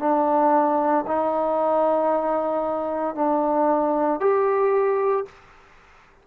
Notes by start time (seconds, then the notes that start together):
0.00 D4
1.08 D#4
3.16 D4
4.21 G4